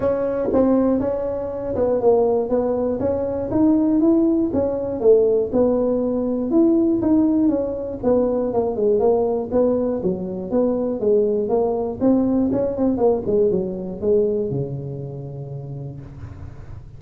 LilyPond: \new Staff \with { instrumentName = "tuba" } { \time 4/4 \tempo 4 = 120 cis'4 c'4 cis'4. b8 | ais4 b4 cis'4 dis'4 | e'4 cis'4 a4 b4~ | b4 e'4 dis'4 cis'4 |
b4 ais8 gis8 ais4 b4 | fis4 b4 gis4 ais4 | c'4 cis'8 c'8 ais8 gis8 fis4 | gis4 cis2. | }